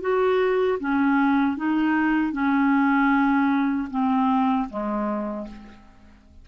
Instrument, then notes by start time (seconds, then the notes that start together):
clarinet
0.00 F#4
0.79 C#4
1.57 D#4
2.32 C#4
3.90 C4
4.69 G#3